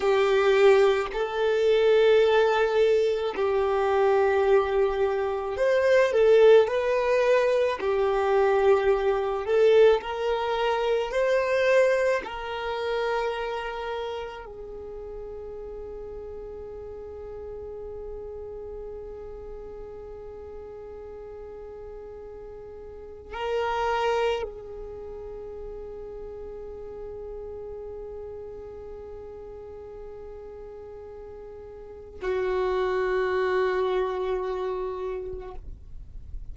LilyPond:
\new Staff \with { instrumentName = "violin" } { \time 4/4 \tempo 4 = 54 g'4 a'2 g'4~ | g'4 c''8 a'8 b'4 g'4~ | g'8 a'8 ais'4 c''4 ais'4~ | ais'4 gis'2.~ |
gis'1~ | gis'4 ais'4 gis'2~ | gis'1~ | gis'4 fis'2. | }